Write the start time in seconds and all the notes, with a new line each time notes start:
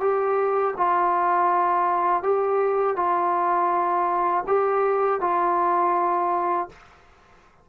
0.00 G4
0.77 F4
2.23 G4
2.96 F4
4.47 G4
5.21 F4